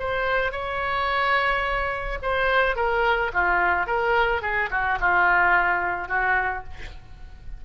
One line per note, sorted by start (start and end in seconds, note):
0.00 0.52 C5
0.52 2.19 C#5
2.22 2.77 C5
2.77 3.32 A#4
3.34 3.87 F4
3.87 4.42 A#4
4.42 4.70 G#4
4.71 4.99 F#4
5.01 6.09 F4
6.09 6.64 F#4